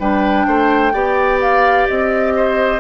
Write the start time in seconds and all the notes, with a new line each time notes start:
0.00 G3 D4 B4 G5
0.47 A3 C5
0.93 B3 G4 D5
1.41 F5
1.88 C4 D#5
2.37 C5